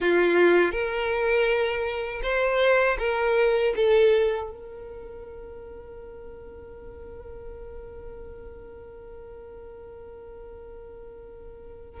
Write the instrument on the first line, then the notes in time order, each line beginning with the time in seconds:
violin
0.00 F4
0.71 A#4
2.22 C5
2.99 A#4
3.76 A4
4.51 A#4